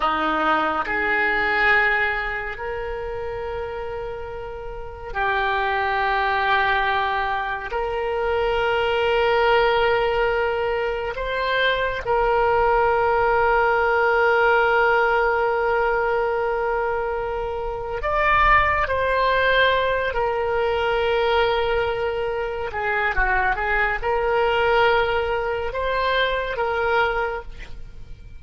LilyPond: \new Staff \with { instrumentName = "oboe" } { \time 4/4 \tempo 4 = 70 dis'4 gis'2 ais'4~ | ais'2 g'2~ | g'4 ais'2.~ | ais'4 c''4 ais'2~ |
ais'1~ | ais'4 d''4 c''4. ais'8~ | ais'2~ ais'8 gis'8 fis'8 gis'8 | ais'2 c''4 ais'4 | }